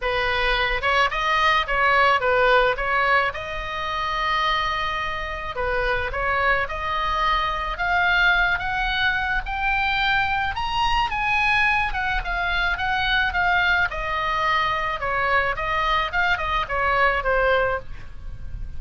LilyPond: \new Staff \with { instrumentName = "oboe" } { \time 4/4 \tempo 4 = 108 b'4. cis''8 dis''4 cis''4 | b'4 cis''4 dis''2~ | dis''2 b'4 cis''4 | dis''2 f''4. fis''8~ |
fis''4 g''2 ais''4 | gis''4. fis''8 f''4 fis''4 | f''4 dis''2 cis''4 | dis''4 f''8 dis''8 cis''4 c''4 | }